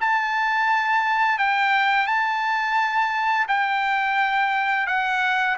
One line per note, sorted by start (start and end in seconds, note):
0.00 1.38 A5
1.38 2.06 G5
2.06 3.46 A5
3.48 4.87 G5
4.87 5.57 F#5